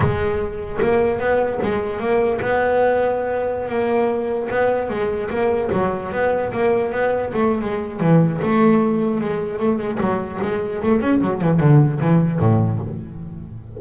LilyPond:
\new Staff \with { instrumentName = "double bass" } { \time 4/4 \tempo 4 = 150 gis2 ais4 b4 | gis4 ais4 b2~ | b4~ b16 ais2 b8.~ | b16 gis4 ais4 fis4 b8.~ |
b16 ais4 b4 a8. gis4 | e4 a2 gis4 | a8 gis8 fis4 gis4 a8 cis'8 | fis8 e8 d4 e4 a,4 | }